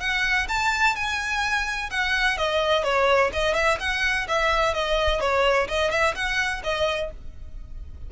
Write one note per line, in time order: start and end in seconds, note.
0.00 0.47 F#5
0.49 0.96 A5
0.96 1.90 G#5
1.90 2.38 F#5
2.38 2.84 D#5
2.84 3.31 C#5
3.33 3.54 D#5
3.54 3.78 E5
3.80 4.27 F#5
4.28 4.74 E5
4.74 5.20 D#5
5.20 5.68 C#5
5.68 5.91 D#5
5.91 6.14 E5
6.15 6.62 F#5
6.64 7.11 D#5